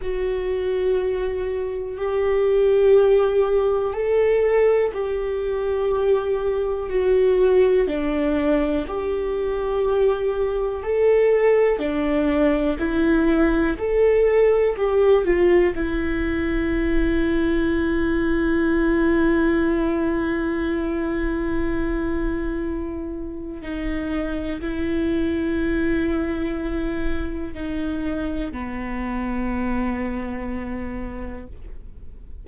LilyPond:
\new Staff \with { instrumentName = "viola" } { \time 4/4 \tempo 4 = 61 fis'2 g'2 | a'4 g'2 fis'4 | d'4 g'2 a'4 | d'4 e'4 a'4 g'8 f'8 |
e'1~ | e'1 | dis'4 e'2. | dis'4 b2. | }